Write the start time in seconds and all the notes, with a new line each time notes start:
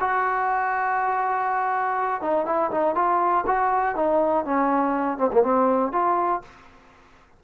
0.00 F#4
2.22 D#4
2.46 E4
2.71 D#4
2.95 F4
3.47 F#4
3.95 D#4
4.45 C#4
5.18 C4
5.32 A#3
5.43 C4
5.92 F4